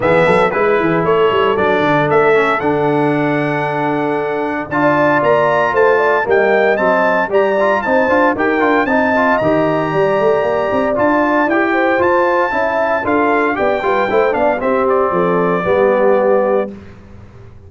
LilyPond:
<<
  \new Staff \with { instrumentName = "trumpet" } { \time 4/4 \tempo 4 = 115 e''4 b'4 cis''4 d''4 | e''4 fis''2.~ | fis''4 a''4 ais''4 a''4 | g''4 a''4 ais''4 a''4 |
g''4 a''4 ais''2~ | ais''4 a''4 g''4 a''4~ | a''4 f''4 g''4. f''8 | e''8 d''2.~ d''8 | }
  \new Staff \with { instrumentName = "horn" } { \time 4/4 gis'8 a'8 b'8 gis'8 a'2~ | a'1~ | a'4 d''2 c''8 d''8 | dis''2 d''4 c''4 |
ais'4 dis''2 d''4~ | d''2~ d''8 c''4. | e''4 a'4 d''8 b'8 c''8 d''8 | g'4 a'4 g'2 | }
  \new Staff \with { instrumentName = "trombone" } { \time 4/4 b4 e'2 d'4~ | d'8 cis'8 d'2.~ | d'4 f'2. | ais4 c'4 g'8 f'8 dis'8 f'8 |
g'8 f'8 dis'8 f'8 g'2~ | g'4 f'4 g'4 f'4 | e'4 f'4 g'8 f'8 e'8 d'8 | c'2 b2 | }
  \new Staff \with { instrumentName = "tuba" } { \time 4/4 e8 fis8 gis8 e8 a8 g8 fis8 d8 | a4 d2.~ | d4 d'4 ais4 a4 | g4 fis4 g4 c'8 d'8 |
dis'8 d'8 c'4 dis4 g8 a8 | ais8 c'8 d'4 e'4 f'4 | cis'4 d'4 b8 g8 a8 b8 | c'4 f4 g2 | }
>>